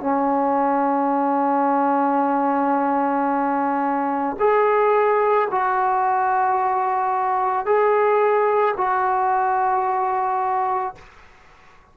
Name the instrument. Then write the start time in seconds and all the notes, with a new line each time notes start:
trombone
0.00 C#4
4.39 G#4
5.50 F#4
7.65 G#4
8.76 F#4